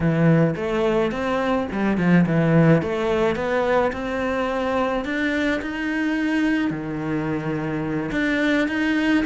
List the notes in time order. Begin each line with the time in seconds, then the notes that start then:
0.00 E3
0.56 A3
1.11 C4
1.72 G3
1.97 F3
2.26 E3
2.82 A3
3.35 B3
3.92 C4
5.04 D4
5.61 D#4
6.70 D#3
8.11 D4
8.68 D#4